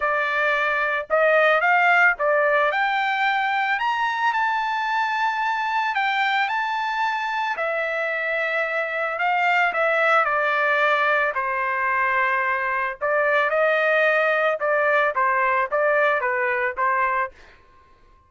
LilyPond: \new Staff \with { instrumentName = "trumpet" } { \time 4/4 \tempo 4 = 111 d''2 dis''4 f''4 | d''4 g''2 ais''4 | a''2. g''4 | a''2 e''2~ |
e''4 f''4 e''4 d''4~ | d''4 c''2. | d''4 dis''2 d''4 | c''4 d''4 b'4 c''4 | }